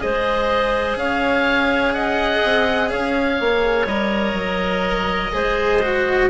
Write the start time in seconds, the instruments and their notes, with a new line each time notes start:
0.00 bassoon G#3, cello G#4, clarinet C5, oboe D#5
0.96 bassoon C#4, clarinet C#5, oboe F5
1.94 clarinet D#5, oboe F#5
2.44 bassoon C4
2.90 bassoon C#4, clarinet C#5, oboe F5
3.40 bassoon A#3
3.86 bassoon G3, cello A#4, oboe D#5
4.33 bassoon F#3
5.33 bassoon G#3, cello G#4, clarinet C5
5.82 cello F#4